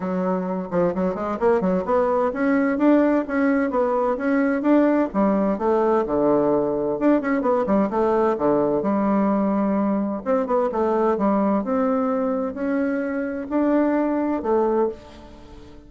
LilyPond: \new Staff \with { instrumentName = "bassoon" } { \time 4/4 \tempo 4 = 129 fis4. f8 fis8 gis8 ais8 fis8 | b4 cis'4 d'4 cis'4 | b4 cis'4 d'4 g4 | a4 d2 d'8 cis'8 |
b8 g8 a4 d4 g4~ | g2 c'8 b8 a4 | g4 c'2 cis'4~ | cis'4 d'2 a4 | }